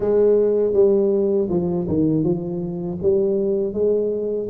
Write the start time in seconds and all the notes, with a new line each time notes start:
0.00 G#3
0.73 G3
1.49 F3
1.88 D#3
2.23 F3
3.02 G3
3.73 G#3